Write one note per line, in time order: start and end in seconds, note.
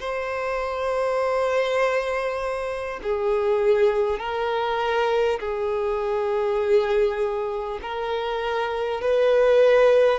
0.00 3.00 C5
3.03 4.19 G#4
4.19 5.39 A#4
5.40 7.80 G#4
7.82 9.01 A#4
9.01 10.19 B4